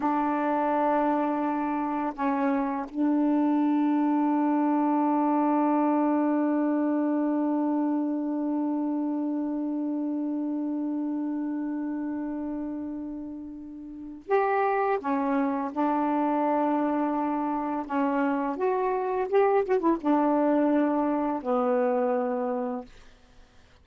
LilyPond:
\new Staff \with { instrumentName = "saxophone" } { \time 4/4 \tempo 4 = 84 d'2. cis'4 | d'1~ | d'1~ | d'1~ |
d'1 | g'4 cis'4 d'2~ | d'4 cis'4 fis'4 g'8 fis'16 e'16 | d'2 b2 | }